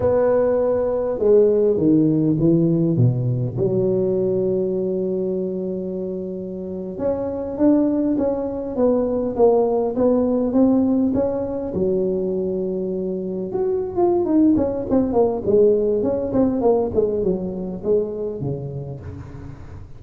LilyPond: \new Staff \with { instrumentName = "tuba" } { \time 4/4 \tempo 4 = 101 b2 gis4 dis4 | e4 b,4 fis2~ | fis2.~ fis8. cis'16~ | cis'8. d'4 cis'4 b4 ais16~ |
ais8. b4 c'4 cis'4 fis16~ | fis2~ fis8. fis'8. f'8 | dis'8 cis'8 c'8 ais8 gis4 cis'8 c'8 | ais8 gis8 fis4 gis4 cis4 | }